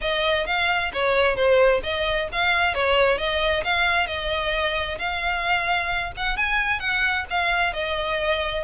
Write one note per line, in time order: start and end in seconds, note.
0.01 0.46 D#5
0.46 0.91 F5
0.93 1.35 C#5
1.35 1.81 C5
1.83 2.28 D#5
2.32 2.74 F5
2.74 3.18 C#5
3.18 3.63 D#5
3.64 4.07 F5
4.07 4.98 D#5
4.98 6.12 F5
6.17 6.36 F#5
6.36 6.79 G#5
6.79 7.25 F#5
7.30 7.73 F5
7.73 8.63 D#5